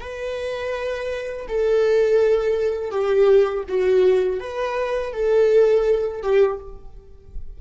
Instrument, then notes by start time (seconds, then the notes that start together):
viola
0.00 B4
1.48 A4
2.90 G4
3.68 F#4
4.40 B4
5.12 A4
6.22 G4